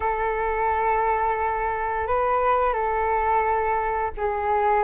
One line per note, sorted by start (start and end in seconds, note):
0.00 2.07 A4
2.07 2.73 B4
2.73 4.11 A4
4.17 4.83 G#4